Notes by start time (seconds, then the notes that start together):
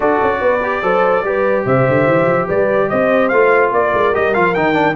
0.00 D4 F#4 A4 D5
0.22 C#4
0.41 B3 B4
0.63 G4
0.82 F#3 A4 C5
1.23 G3 G4 B4
1.64 C3 C5 E5
1.88 D3
2.07 E3
2.26 F3
2.46 G3 B4 D5
2.89 C4 C5 D#5
3.28 A3 F4 F5
3.72 A#3 A#4 D5
3.93 G#3
4.13 G3 G4 D#5
4.34 F3 F4 F5
4.54 D#3 D#4 G5
4.73 D4